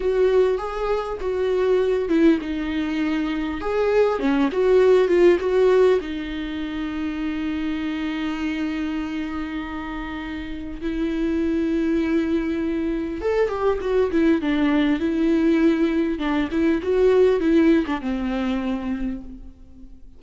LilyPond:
\new Staff \with { instrumentName = "viola" } { \time 4/4 \tempo 4 = 100 fis'4 gis'4 fis'4. e'8 | dis'2 gis'4 cis'8 fis'8~ | fis'8 f'8 fis'4 dis'2~ | dis'1~ |
dis'2 e'2~ | e'2 a'8 g'8 fis'8 e'8 | d'4 e'2 d'8 e'8 | fis'4 e'8. d'16 c'2 | }